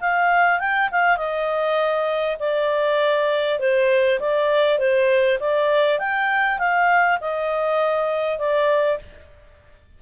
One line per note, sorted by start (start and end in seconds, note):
0.00 0.59 F5
0.59 0.89 G5
0.91 1.17 F5
1.17 2.37 D#5
2.39 3.59 D5
3.59 4.19 C5
4.19 4.78 D5
4.78 5.38 C5
5.39 5.99 D5
5.99 6.58 G5
6.58 7.18 F5
7.21 8.38 D#5
8.38 8.98 D5